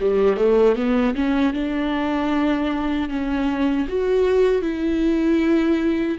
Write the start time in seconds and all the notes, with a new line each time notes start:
0.00 G3
0.36 A3
0.75 B3
1.14 C#4
1.53 D4
3.09 C#4
3.87 F#4
4.62 E4